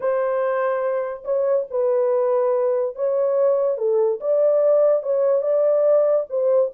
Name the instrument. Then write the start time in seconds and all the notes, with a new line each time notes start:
horn
0.00 C5
1.24 C#5
1.70 B4
2.95 C#5
3.77 A4
4.20 D5
5.02 C#5
5.42 D5
6.29 C5